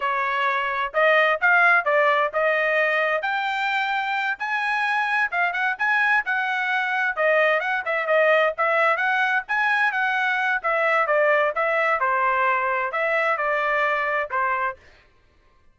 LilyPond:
\new Staff \with { instrumentName = "trumpet" } { \time 4/4 \tempo 4 = 130 cis''2 dis''4 f''4 | d''4 dis''2 g''4~ | g''4. gis''2 f''8 | fis''8 gis''4 fis''2 dis''8~ |
dis''8 fis''8 e''8 dis''4 e''4 fis''8~ | fis''8 gis''4 fis''4. e''4 | d''4 e''4 c''2 | e''4 d''2 c''4 | }